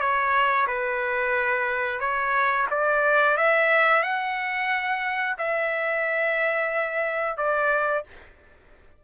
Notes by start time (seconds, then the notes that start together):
0.00 C#5
0.67 B4
2.00 C#5
2.71 D5
3.37 E5
4.03 F#5
5.38 E5
7.37 D5